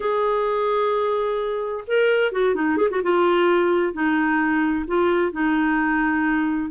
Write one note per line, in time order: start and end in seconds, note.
0.00 1.84 G#4
1.87 2.31 A#4
2.31 2.54 F#4
2.54 2.77 D#4
2.77 2.88 G#4
2.90 3.01 F#4
3.02 3.93 F4
3.93 4.85 D#4
4.87 5.32 F4
5.32 6.70 D#4